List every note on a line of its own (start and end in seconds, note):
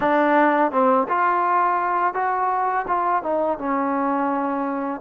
0.00 0.71 D4
0.71 1.07 C4
1.08 2.14 F4
2.14 2.85 F#4
2.87 3.22 F4
3.22 3.58 D#4
3.58 5.00 C#4